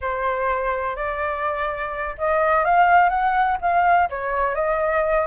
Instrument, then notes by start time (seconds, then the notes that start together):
flute
0.01 C5
0.96 D5
2.18 D#5
2.64 F5
3.09 F#5
3.61 F5
4.09 C#5
4.54 D#5